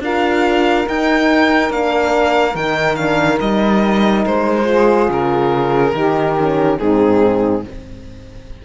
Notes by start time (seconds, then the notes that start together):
0.00 D4 F4 A#4 F5
0.87 D#4 G5
1.69 A#3 D4 F5
2.55 D#3 D#4 G5
2.96 D4 F5
3.40 G3 D#4 D#5
4.26 G#3 C5
4.64 F4
4.70 G#4
5.09 C#3 A#4
5.94 D#3 D#4 G4
6.37 C#4
6.78 G#2 C4 D#4 G#4